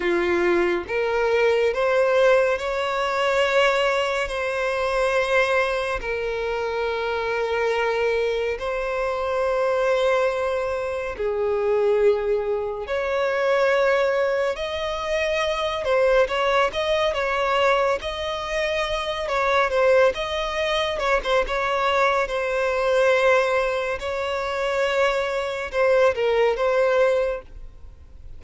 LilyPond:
\new Staff \with { instrumentName = "violin" } { \time 4/4 \tempo 4 = 70 f'4 ais'4 c''4 cis''4~ | cis''4 c''2 ais'4~ | ais'2 c''2~ | c''4 gis'2 cis''4~ |
cis''4 dis''4. c''8 cis''8 dis''8 | cis''4 dis''4. cis''8 c''8 dis''8~ | dis''8 cis''16 c''16 cis''4 c''2 | cis''2 c''8 ais'8 c''4 | }